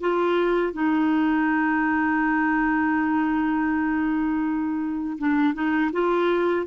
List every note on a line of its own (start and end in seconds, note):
0.00 0.73 F4
0.73 5.18 D#4
5.18 5.54 D4
5.54 5.91 D#4
5.92 6.66 F4